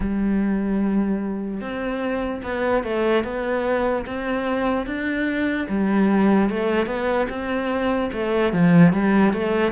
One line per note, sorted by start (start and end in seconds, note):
0.00 1.60 G3
1.60 2.41 C4
2.43 2.83 B3
2.83 3.24 A3
3.24 4.05 B3
4.05 4.86 C4
4.86 5.67 D4
5.68 6.49 G3
6.49 6.86 A3
6.86 7.27 B3
7.29 8.10 C4
8.12 8.52 A3
8.52 8.93 F3
8.93 9.32 G3
9.32 9.71 A3